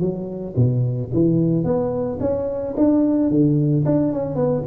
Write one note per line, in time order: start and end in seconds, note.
0.00 0.55 F#3
0.56 1.11 B2
1.13 1.64 E3
1.64 2.19 B3
2.20 2.74 C#4
2.77 3.30 D4
3.30 3.85 D3
3.85 4.12 D4
4.12 4.35 C#4
4.35 4.63 B3